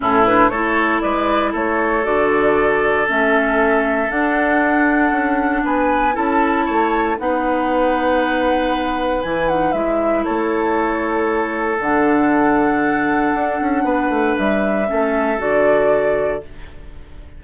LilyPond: <<
  \new Staff \with { instrumentName = "flute" } { \time 4/4 \tempo 4 = 117 a'8 b'8 cis''4 d''4 cis''4 | d''2 e''2 | fis''2. gis''4 | a''2 fis''2~ |
fis''2 gis''8 fis''8 e''4 | cis''2. fis''4~ | fis''1 | e''2 d''2 | }
  \new Staff \with { instrumentName = "oboe" } { \time 4/4 e'4 a'4 b'4 a'4~ | a'1~ | a'2. b'4 | a'4 cis''4 b'2~ |
b'1 | a'1~ | a'2. b'4~ | b'4 a'2. | }
  \new Staff \with { instrumentName = "clarinet" } { \time 4/4 cis'8 d'8 e'2. | fis'2 cis'2 | d'1 | e'2 dis'2~ |
dis'2 e'8 dis'8 e'4~ | e'2. d'4~ | d'1~ | d'4 cis'4 fis'2 | }
  \new Staff \with { instrumentName = "bassoon" } { \time 4/4 a,4 a4 gis4 a4 | d2 a2 | d'2 cis'4 b4 | cis'4 a4 b2~ |
b2 e4 gis4 | a2. d4~ | d2 d'8 cis'8 b8 a8 | g4 a4 d2 | }
>>